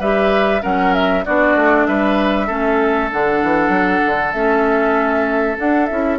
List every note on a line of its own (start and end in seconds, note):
0.00 0.62 G3
0.00 0.62 G4
0.00 0.62 B4
0.00 0.63 E5
0.62 1.27 F#3
0.62 1.23 C#4
0.62 1.25 A#4
0.62 0.94 F#5
0.94 1.25 E5
1.26 1.56 B3
1.26 2.49 D4
1.26 1.88 F#4
1.26 1.86 D5
1.56 1.87 A3
1.86 2.50 G3
1.86 2.47 B4
1.86 3.10 E5
2.47 3.11 A3
2.47 3.11 C#4
2.47 6.19 A4
3.12 3.43 D3
3.12 4.34 D4
3.12 4.33 F#5
3.43 3.69 E3
3.69 4.00 F#3
4.06 4.34 D3
4.33 5.58 A3
4.33 5.58 C#4
4.33 5.57 E5
5.58 5.89 D4
5.58 5.90 D4
5.58 5.86 F#5
5.86 6.19 C#4
5.86 6.19 E4
5.86 6.17 E5